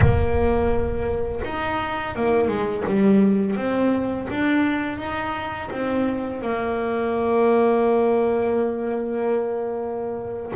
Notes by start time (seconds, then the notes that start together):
0.00 A#3
1.44 D#4
2.15 A#3
2.48 G#3
2.86 G3
3.56 C4
4.30 D4
4.98 D#4
5.71 C4
6.41 A#3